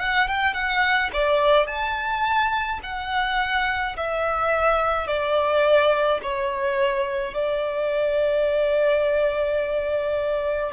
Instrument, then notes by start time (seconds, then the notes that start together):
violin
0.00 F#5
0.28 G5
0.54 F#5
1.14 D5
1.67 A5
2.84 F#5
3.97 E5
5.07 D5
6.23 C#5
7.34 D5